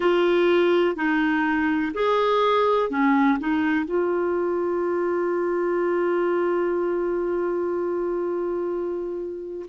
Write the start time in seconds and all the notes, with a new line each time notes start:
0.00 F4
0.95 D#4
1.94 G#4
2.89 C#4
3.39 D#4
3.85 F4